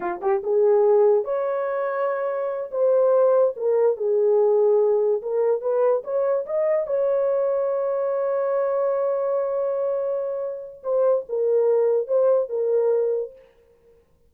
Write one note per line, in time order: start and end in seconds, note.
0.00 0.20 F4
0.21 0.42 G4
0.43 1.24 G#4
1.24 2.70 C#5
2.71 3.54 C5
3.56 3.96 A#4
3.96 5.21 G#4
5.22 5.61 A#4
5.61 6.02 B4
6.03 6.45 C#5
6.46 6.86 D#5
6.86 10.82 C#5
10.83 11.25 C5
11.28 12.07 A#4
12.07 12.49 C5
12.49 13.32 A#4